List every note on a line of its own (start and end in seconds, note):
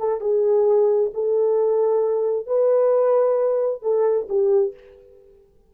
0.00 0.21 A4
0.21 1.11 G#4
1.14 2.47 A4
2.47 3.82 B4
3.82 4.28 A4
4.29 4.74 G4